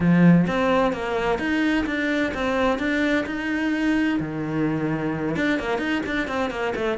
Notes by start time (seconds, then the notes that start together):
0.00 F3
0.47 C4
0.93 A#3
1.38 D#4
1.86 D4
2.34 C4
2.78 D4
3.26 D#4
4.19 D#3
5.36 D4
5.59 A#3
5.78 D#4
6.05 D4
6.27 C4
6.50 A#3
6.75 A3